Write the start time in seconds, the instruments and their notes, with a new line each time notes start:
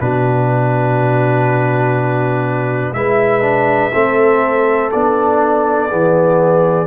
0.00 tuba B2, trombone D4, horn F#4, trumpet B4
2.92 tuba G#3, trombone E4, horn B4, trumpet E5
3.42 trombone D4
3.93 tuba A3, trombone C4, horn A4
4.91 tuba B3, trombone D4, trumpet D5
5.89 tuba E3, trombone B3, horn G#4